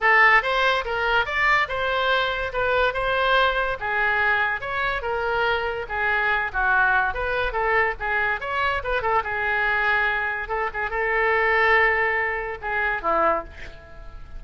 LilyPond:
\new Staff \with { instrumentName = "oboe" } { \time 4/4 \tempo 4 = 143 a'4 c''4 ais'4 d''4 | c''2 b'4 c''4~ | c''4 gis'2 cis''4 | ais'2 gis'4. fis'8~ |
fis'4 b'4 a'4 gis'4 | cis''4 b'8 a'8 gis'2~ | gis'4 a'8 gis'8 a'2~ | a'2 gis'4 e'4 | }